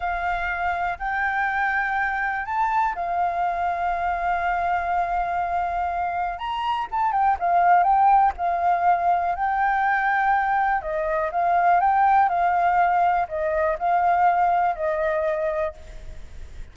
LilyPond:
\new Staff \with { instrumentName = "flute" } { \time 4/4 \tempo 4 = 122 f''2 g''2~ | g''4 a''4 f''2~ | f''1~ | f''4 ais''4 a''8 g''8 f''4 |
g''4 f''2 g''4~ | g''2 dis''4 f''4 | g''4 f''2 dis''4 | f''2 dis''2 | }